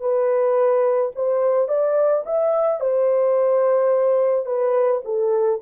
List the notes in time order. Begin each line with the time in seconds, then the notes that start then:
0.00 B4
1.15 C5
1.68 D5
2.25 E5
2.80 C5
4.45 B4
5.04 A4